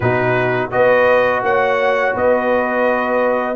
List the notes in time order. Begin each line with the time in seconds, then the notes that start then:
0.00 B2 D#4 F#4 B4
0.70 B3 F#4 B4 D#5
1.42 A#3 C#5 F#5
2.14 B3 B4 D#5